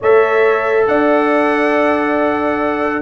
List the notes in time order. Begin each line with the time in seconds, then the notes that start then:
0.00 A3 A4 C#5 E5
0.87 D4 D5 F#5